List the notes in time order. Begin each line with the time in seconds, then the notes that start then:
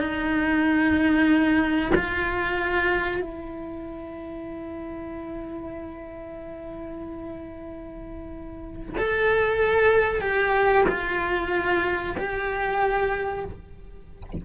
0.00 D#4
1.96 F4
3.21 E4
8.98 A4
10.21 G4
10.89 F4
12.18 G4